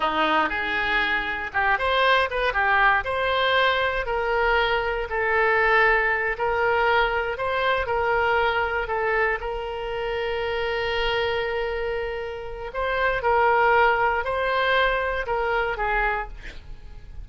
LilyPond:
\new Staff \with { instrumentName = "oboe" } { \time 4/4 \tempo 4 = 118 dis'4 gis'2 g'8 c''8~ | c''8 b'8 g'4 c''2 | ais'2 a'2~ | a'8 ais'2 c''4 ais'8~ |
ais'4. a'4 ais'4.~ | ais'1~ | ais'4 c''4 ais'2 | c''2 ais'4 gis'4 | }